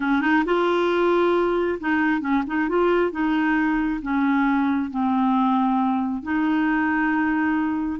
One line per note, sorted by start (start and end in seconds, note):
0.00 0.21 C#4
0.21 0.43 D#4
0.45 1.79 F4
1.80 2.20 D#4
2.20 2.43 C#4
2.46 2.68 D#4
2.68 3.11 F4
3.11 4.00 D#4
4.02 4.90 C#4
4.90 6.23 C4
6.23 7.99 D#4